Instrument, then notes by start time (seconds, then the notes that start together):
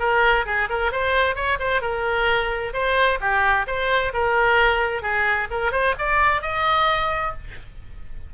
oboe
0.00 A#4
0.46 G#4
0.70 A#4
0.92 C5
1.36 C#5
1.60 C5
1.82 A#4
2.74 C5
3.21 G4
3.67 C5
4.14 A#4
5.02 G#4
5.51 A#4
5.72 C5
5.99 D5
6.42 D#5